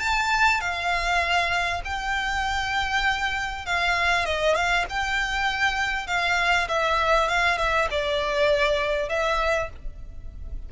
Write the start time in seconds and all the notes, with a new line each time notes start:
0.00 A5
0.61 F5
1.85 G5
3.66 F5
4.26 D#5
4.55 F5
4.90 G5
6.07 F5
6.68 E5
7.28 F5
7.58 E5
7.91 D5
9.09 E5